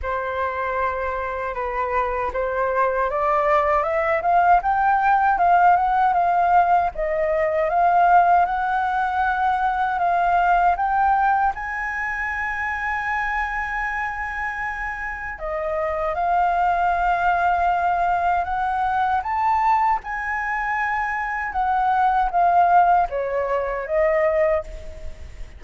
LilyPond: \new Staff \with { instrumentName = "flute" } { \time 4/4 \tempo 4 = 78 c''2 b'4 c''4 | d''4 e''8 f''8 g''4 f''8 fis''8 | f''4 dis''4 f''4 fis''4~ | fis''4 f''4 g''4 gis''4~ |
gis''1 | dis''4 f''2. | fis''4 a''4 gis''2 | fis''4 f''4 cis''4 dis''4 | }